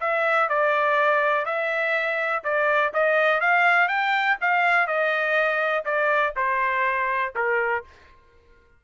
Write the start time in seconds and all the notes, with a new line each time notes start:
0.00 E5
0.49 D5
1.45 E5
2.44 D5
2.93 D#5
3.40 F5
3.88 G5
4.41 F5
4.87 D#5
5.85 D5
6.36 C5
7.35 A#4